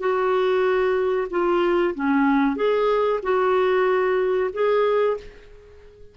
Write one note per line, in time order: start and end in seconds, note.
0.00 1.28 F#4
1.31 1.94 F4
1.95 2.56 C#4
2.56 3.20 G#4
3.23 4.51 F#4
4.53 5.17 G#4